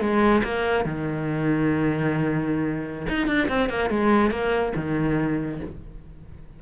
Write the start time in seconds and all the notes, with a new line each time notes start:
0.00 G#3
0.44 A#3
0.85 D#3
3.09 D#4
3.27 D4
3.48 C4
3.70 A#3
3.90 G#3
4.30 A#3
4.76 D#3